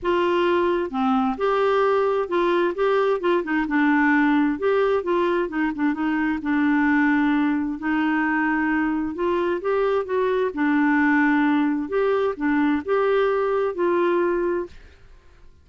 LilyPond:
\new Staff \with { instrumentName = "clarinet" } { \time 4/4 \tempo 4 = 131 f'2 c'4 g'4~ | g'4 f'4 g'4 f'8 dis'8 | d'2 g'4 f'4 | dis'8 d'8 dis'4 d'2~ |
d'4 dis'2. | f'4 g'4 fis'4 d'4~ | d'2 g'4 d'4 | g'2 f'2 | }